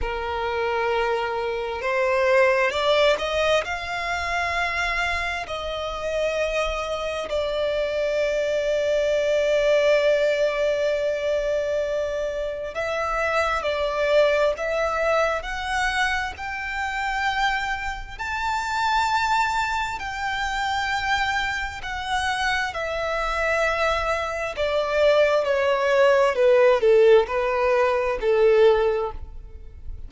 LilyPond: \new Staff \with { instrumentName = "violin" } { \time 4/4 \tempo 4 = 66 ais'2 c''4 d''8 dis''8 | f''2 dis''2 | d''1~ | d''2 e''4 d''4 |
e''4 fis''4 g''2 | a''2 g''2 | fis''4 e''2 d''4 | cis''4 b'8 a'8 b'4 a'4 | }